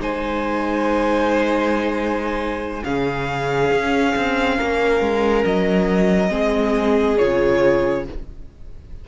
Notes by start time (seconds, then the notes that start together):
0.00 G#3 D#4 C5 G#5
2.84 C#3 C#4 G#4 F5
3.71 C#4
4.16 C4
4.57 A#3 A#4
5.01 G#3
5.45 F#3 D#5
6.29 G#3 C4 G#4
7.18 C#3 F4 C#5